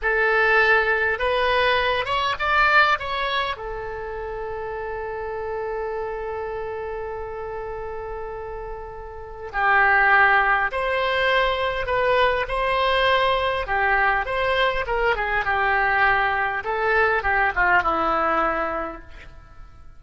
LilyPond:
\new Staff \with { instrumentName = "oboe" } { \time 4/4 \tempo 4 = 101 a'2 b'4. cis''8 | d''4 cis''4 a'2~ | a'1~ | a'1 |
g'2 c''2 | b'4 c''2 g'4 | c''4 ais'8 gis'8 g'2 | a'4 g'8 f'8 e'2 | }